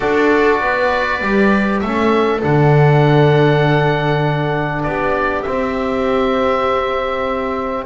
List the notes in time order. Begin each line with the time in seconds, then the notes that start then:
0.00 D4 F#4 A4 D5
0.60 B3 B4
1.21 G3 G4
1.79 A3 C#4 A4 E5
2.41 D3 D4 F#5
4.83 B3 G4 D5
5.42 C4 E5